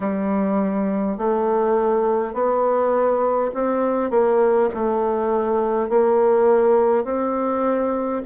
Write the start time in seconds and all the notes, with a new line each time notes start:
0.00 G3
1.17 A3
2.33 B3
3.53 C4
4.10 A#3
4.73 A3
5.89 A#3
7.04 C4